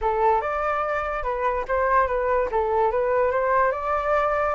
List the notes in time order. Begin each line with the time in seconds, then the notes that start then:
0.01 A4
0.41 D5
1.23 B4
1.68 C5
2.07 B4
2.51 A4
2.91 B4
3.31 C5
3.71 D5